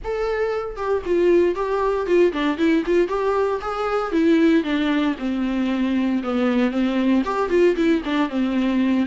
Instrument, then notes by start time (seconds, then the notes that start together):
viola
0.04 A4
0.76 G4
1.05 F4
1.55 G4
2.06 F4
2.32 D4
2.57 E4
2.86 F4
3.08 G4
3.61 G#4
4.12 E4
4.63 D4
5.19 C4
6.23 B3
6.70 C4
7.24 G4
7.49 F4
7.76 E4
8.04 D4
8.29 C4